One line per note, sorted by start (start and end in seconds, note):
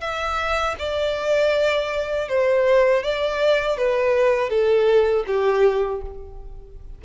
0.00 0.75 E5
0.78 2.28 D5
2.28 3.03 C5
3.03 3.77 D5
3.77 4.49 B4
4.49 5.24 A4
5.26 6.01 G4